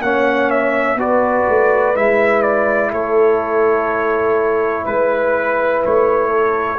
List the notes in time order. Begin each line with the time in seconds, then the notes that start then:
0.00 A#3 C#4 C#5 F#5
0.51 E5
0.96 B3 F#4 B4 D5
1.49 A3
1.96 G#3 E4 E5
2.43 D5
2.92 A3 A4 C#5
4.85 G#3 B4
5.86 A3 C#5
6.29 A4